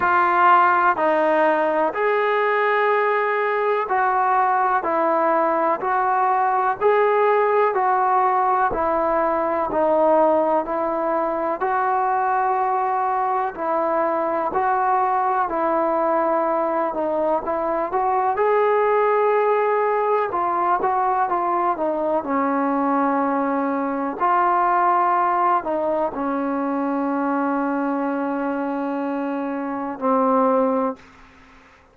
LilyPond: \new Staff \with { instrumentName = "trombone" } { \time 4/4 \tempo 4 = 62 f'4 dis'4 gis'2 | fis'4 e'4 fis'4 gis'4 | fis'4 e'4 dis'4 e'4 | fis'2 e'4 fis'4 |
e'4. dis'8 e'8 fis'8 gis'4~ | gis'4 f'8 fis'8 f'8 dis'8 cis'4~ | cis'4 f'4. dis'8 cis'4~ | cis'2. c'4 | }